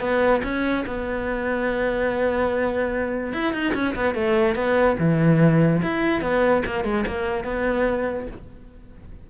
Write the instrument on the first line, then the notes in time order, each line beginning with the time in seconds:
cello
0.00 B3
0.43 C#4
0.86 B3
3.33 E4
3.52 D#4
3.74 C#4
3.95 B3
4.14 A3
4.55 B3
4.99 E3
5.82 E4
6.21 B3
6.65 A#3
6.84 G#3
7.07 A#3
7.44 B3